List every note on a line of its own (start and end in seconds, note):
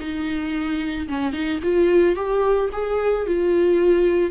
0.00 1.08 D#4
1.09 1.33 C#4
1.33 1.60 D#4
1.63 2.16 F4
2.16 2.70 G4
2.73 3.27 G#4
3.27 4.31 F4